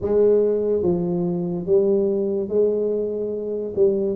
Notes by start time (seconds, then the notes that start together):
0.01 G#3
0.82 F3
1.66 G3
2.48 G#3
3.75 G3